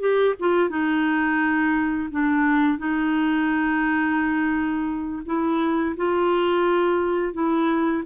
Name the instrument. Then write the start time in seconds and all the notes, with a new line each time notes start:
clarinet
0.00 G4
0.39 F4
0.69 D#4
2.11 D4
2.78 D#4
5.26 E4
5.97 F4
7.34 E4